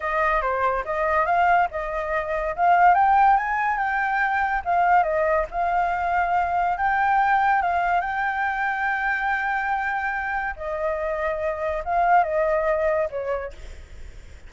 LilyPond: \new Staff \with { instrumentName = "flute" } { \time 4/4 \tempo 4 = 142 dis''4 c''4 dis''4 f''4 | dis''2 f''4 g''4 | gis''4 g''2 f''4 | dis''4 f''2. |
g''2 f''4 g''4~ | g''1~ | g''4 dis''2. | f''4 dis''2 cis''4 | }